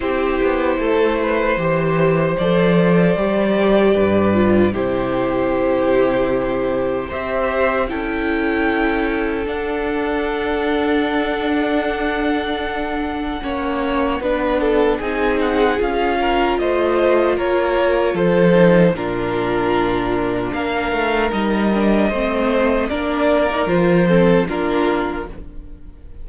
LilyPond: <<
  \new Staff \with { instrumentName = "violin" } { \time 4/4 \tempo 4 = 76 c''2. d''4~ | d''2 c''2~ | c''4 e''4 g''2 | fis''1~ |
fis''2. gis''8 fis''8 | f''4 dis''4 cis''4 c''4 | ais'2 f''4 dis''4~ | dis''4 d''4 c''4 ais'4 | }
  \new Staff \with { instrumentName = "violin" } { \time 4/4 g'4 a'8 b'8 c''2~ | c''4 b'4 g'2~ | g'4 c''4 a'2~ | a'1~ |
a'4 cis''4 b'8 a'8 gis'4~ | gis'8 ais'8 c''4 ais'4 a'4 | f'2 ais'2 | c''4 ais'4. a'8 f'4 | }
  \new Staff \with { instrumentName = "viola" } { \time 4/4 e'2 g'4 a'4 | g'4. f'8 e'2~ | e'4 g'4 e'2 | d'1~ |
d'4 cis'4 d'4 dis'4 | f'2.~ f'8 dis'8 | d'2. dis'8 d'8 | c'4 d'8. dis'16 f'8 c'8 d'4 | }
  \new Staff \with { instrumentName = "cello" } { \time 4/4 c'8 b8 a4 e4 f4 | g4 g,4 c2~ | c4 c'4 cis'2 | d'1~ |
d'4 ais4 b4 c'4 | cis'4 a4 ais4 f4 | ais,2 ais8 a8 g4 | a4 ais4 f4 ais4 | }
>>